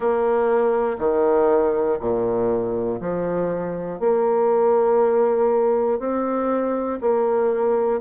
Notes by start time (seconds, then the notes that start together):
0.00 A#3
0.98 D#3
2.00 A#2
3.00 F3
3.99 A#3
5.99 C4
7.00 A#3